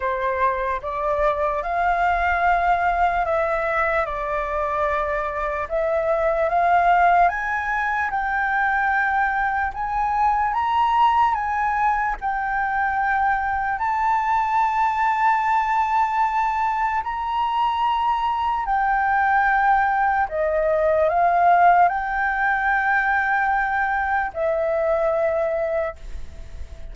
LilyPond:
\new Staff \with { instrumentName = "flute" } { \time 4/4 \tempo 4 = 74 c''4 d''4 f''2 | e''4 d''2 e''4 | f''4 gis''4 g''2 | gis''4 ais''4 gis''4 g''4~ |
g''4 a''2.~ | a''4 ais''2 g''4~ | g''4 dis''4 f''4 g''4~ | g''2 e''2 | }